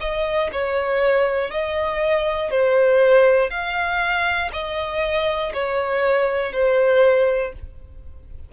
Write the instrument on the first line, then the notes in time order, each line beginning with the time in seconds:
violin
0.00 D#5
0.52 C#5
1.50 D#5
2.50 C5
3.50 F5
4.53 D#5
5.54 C#5
6.53 C5